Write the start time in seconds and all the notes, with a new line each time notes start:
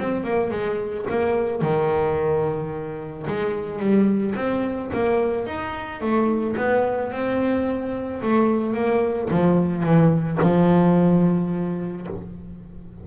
0.00 C4
0.24 A#3
0.51 G#3
1.10 A#3
1.62 D#3
3.28 G#3
3.80 G3
4.36 C4
4.94 A#3
5.47 D#4
6.01 A3
6.57 B3
7.12 C4
8.23 A3
8.74 A#3
9.31 F3
9.83 E3
10.42 F3